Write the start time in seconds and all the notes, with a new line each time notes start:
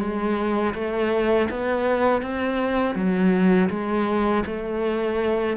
0.00 G#3
0.75 A3
1.50 B3
2.22 C4
2.95 F#3
3.70 G#3
4.46 A3